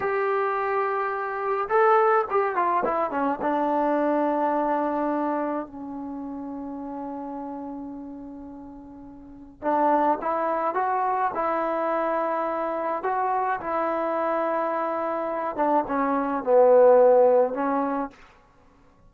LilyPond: \new Staff \with { instrumentName = "trombone" } { \time 4/4 \tempo 4 = 106 g'2. a'4 | g'8 f'8 e'8 cis'8 d'2~ | d'2 cis'2~ | cis'1~ |
cis'4 d'4 e'4 fis'4 | e'2. fis'4 | e'2.~ e'8 d'8 | cis'4 b2 cis'4 | }